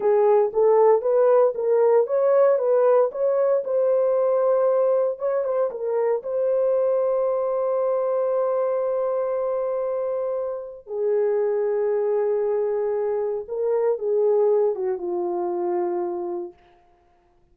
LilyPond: \new Staff \with { instrumentName = "horn" } { \time 4/4 \tempo 4 = 116 gis'4 a'4 b'4 ais'4 | cis''4 b'4 cis''4 c''4~ | c''2 cis''8 c''8 ais'4 | c''1~ |
c''1~ | c''4 gis'2.~ | gis'2 ais'4 gis'4~ | gis'8 fis'8 f'2. | }